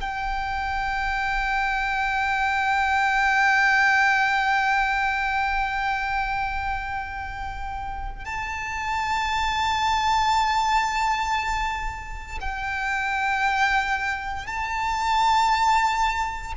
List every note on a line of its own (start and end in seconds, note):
0.00 8.25 G5
8.25 12.39 A5
12.40 14.46 G5
14.46 16.53 A5